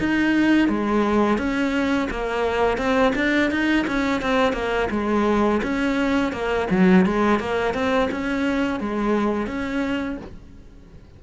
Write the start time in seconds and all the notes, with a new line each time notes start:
0.00 D#4
0.69 G#3
1.38 C#4
2.11 A#3
2.78 C4
3.16 D4
3.51 D#4
3.88 C#4
4.22 C4
4.53 A#3
4.91 G#3
5.63 C#4
6.33 A#3
6.71 F#3
7.06 G#3
7.40 A#3
7.74 C4
8.12 C#4
8.80 G#3
9.47 C#4